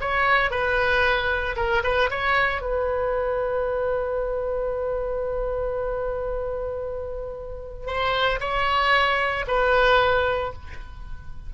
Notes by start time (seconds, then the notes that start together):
0.00 C#5
0.50 B4
1.56 A#4
1.83 B4
2.10 C#5
2.61 B4
7.86 C5
8.40 C#5
9.47 B4